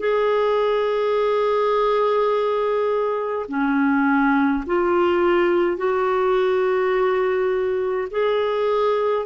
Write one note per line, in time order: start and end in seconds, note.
0.00 3.46 G#4
3.49 4.64 C#4
4.67 5.77 F4
5.77 8.08 F#4
8.11 9.26 G#4